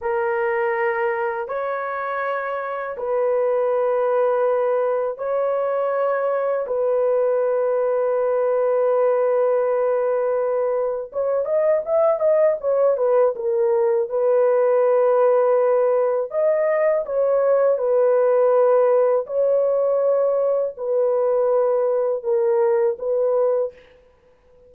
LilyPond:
\new Staff \with { instrumentName = "horn" } { \time 4/4 \tempo 4 = 81 ais'2 cis''2 | b'2. cis''4~ | cis''4 b'2.~ | b'2. cis''8 dis''8 |
e''8 dis''8 cis''8 b'8 ais'4 b'4~ | b'2 dis''4 cis''4 | b'2 cis''2 | b'2 ais'4 b'4 | }